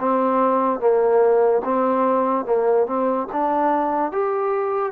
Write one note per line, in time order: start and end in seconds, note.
0.00 0.80 C4
0.80 1.63 A#3
1.65 2.46 C4
2.46 2.87 A#3
2.87 3.28 C4
3.33 4.12 D4
4.12 4.93 G4